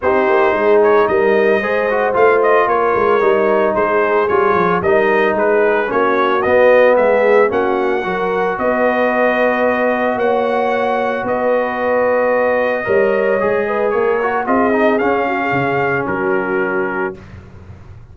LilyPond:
<<
  \new Staff \with { instrumentName = "trumpet" } { \time 4/4 \tempo 4 = 112 c''4. cis''8 dis''2 | f''8 dis''8 cis''2 c''4 | cis''4 dis''4 b'4 cis''4 | dis''4 e''4 fis''2 |
dis''2. fis''4~ | fis''4 dis''2.~ | dis''2 cis''4 dis''4 | f''2 ais'2 | }
  \new Staff \with { instrumentName = "horn" } { \time 4/4 g'4 gis'4 ais'4 c''4~ | c''4 ais'2 gis'4~ | gis'4 ais'4 gis'4 fis'4~ | fis'4 gis'4 fis'4 ais'4 |
b'2. cis''4~ | cis''4 b'2. | cis''4. b'8 ais'4 gis'4~ | gis'8 fis'16 gis'4~ gis'16 fis'2 | }
  \new Staff \with { instrumentName = "trombone" } { \time 4/4 dis'2. gis'8 fis'8 | f'2 dis'2 | f'4 dis'2 cis'4 | b2 cis'4 fis'4~ |
fis'1~ | fis'1 | ais'4 gis'4. fis'8 f'8 dis'8 | cis'1 | }
  \new Staff \with { instrumentName = "tuba" } { \time 4/4 c'8 ais8 gis4 g4 gis4 | a4 ais8 gis8 g4 gis4 | g8 f8 g4 gis4 ais4 | b4 gis4 ais4 fis4 |
b2. ais4~ | ais4 b2. | g4 gis4 ais4 c'4 | cis'4 cis4 fis2 | }
>>